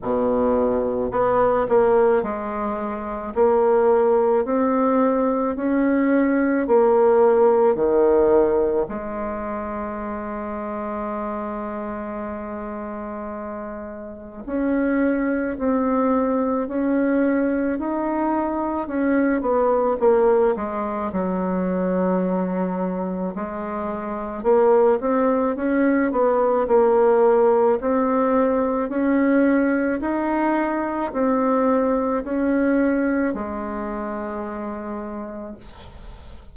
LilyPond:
\new Staff \with { instrumentName = "bassoon" } { \time 4/4 \tempo 4 = 54 b,4 b8 ais8 gis4 ais4 | c'4 cis'4 ais4 dis4 | gis1~ | gis4 cis'4 c'4 cis'4 |
dis'4 cis'8 b8 ais8 gis8 fis4~ | fis4 gis4 ais8 c'8 cis'8 b8 | ais4 c'4 cis'4 dis'4 | c'4 cis'4 gis2 | }